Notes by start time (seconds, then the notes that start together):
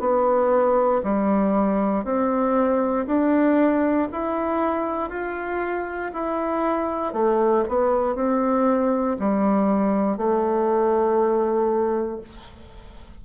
0.00 B3
1.03 G3
2.04 C4
3.06 D4
4.12 E4
5.09 F4
6.13 E4
7.13 A3
7.68 B3
8.15 C4
9.19 G3
10.17 A3